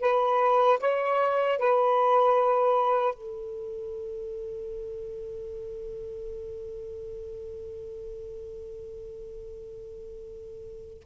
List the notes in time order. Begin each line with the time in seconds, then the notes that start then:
0.00 B4
0.80 C#5
1.58 B4
3.14 A4